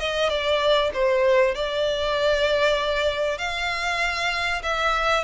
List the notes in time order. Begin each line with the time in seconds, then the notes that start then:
0.00 D#5
0.29 D5
0.94 C5
1.55 D5
3.38 F5
4.63 E5